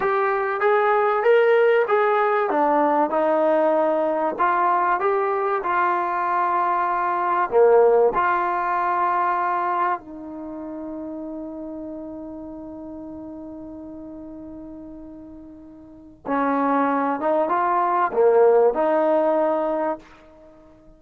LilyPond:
\new Staff \with { instrumentName = "trombone" } { \time 4/4 \tempo 4 = 96 g'4 gis'4 ais'4 gis'4 | d'4 dis'2 f'4 | g'4 f'2. | ais4 f'2. |
dis'1~ | dis'1~ | dis'2 cis'4. dis'8 | f'4 ais4 dis'2 | }